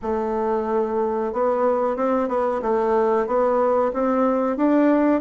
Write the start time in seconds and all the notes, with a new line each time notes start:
0.02 A3
1.32 B3
1.96 C4
2.28 B3
2.61 A3
3.26 B3
3.93 C4
4.57 D4